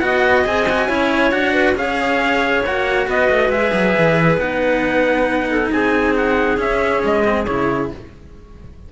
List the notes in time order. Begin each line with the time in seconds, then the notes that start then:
0.00 B3 F#4 D#5 F#5
0.45 C4 G#4 G#5
0.70 F#4
0.89 C#4 E4 C#5
1.32 D4 F#4 F#5
1.54 B4
1.75 C#4 G#4 C#5 F5
2.66 A#3 F#4 F#5
3.07 B3 B4 D#5
3.30 A3
3.50 G#3 G#4 E5
3.73 F#3
3.98 E3
4.38 B3 D#4 F#5
5.50 A4
5.72 C4 G#4 G#5
6.17 F#5
6.58 C#4 E5
7.05 G#3 D#5
7.25 C4
7.47 C#3 E4 C#5